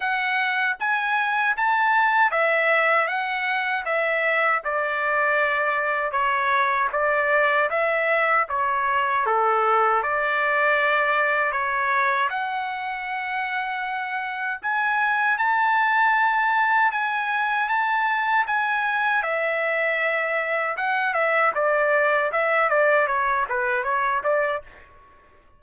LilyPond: \new Staff \with { instrumentName = "trumpet" } { \time 4/4 \tempo 4 = 78 fis''4 gis''4 a''4 e''4 | fis''4 e''4 d''2 | cis''4 d''4 e''4 cis''4 | a'4 d''2 cis''4 |
fis''2. gis''4 | a''2 gis''4 a''4 | gis''4 e''2 fis''8 e''8 | d''4 e''8 d''8 cis''8 b'8 cis''8 d''8 | }